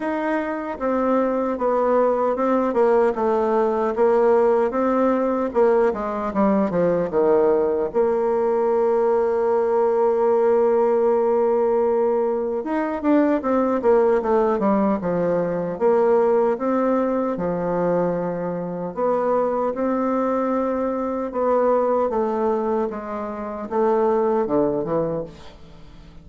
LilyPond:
\new Staff \with { instrumentName = "bassoon" } { \time 4/4 \tempo 4 = 76 dis'4 c'4 b4 c'8 ais8 | a4 ais4 c'4 ais8 gis8 | g8 f8 dis4 ais2~ | ais1 |
dis'8 d'8 c'8 ais8 a8 g8 f4 | ais4 c'4 f2 | b4 c'2 b4 | a4 gis4 a4 d8 e8 | }